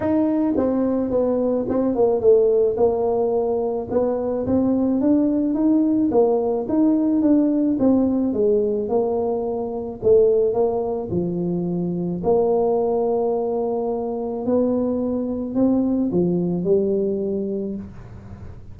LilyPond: \new Staff \with { instrumentName = "tuba" } { \time 4/4 \tempo 4 = 108 dis'4 c'4 b4 c'8 ais8 | a4 ais2 b4 | c'4 d'4 dis'4 ais4 | dis'4 d'4 c'4 gis4 |
ais2 a4 ais4 | f2 ais2~ | ais2 b2 | c'4 f4 g2 | }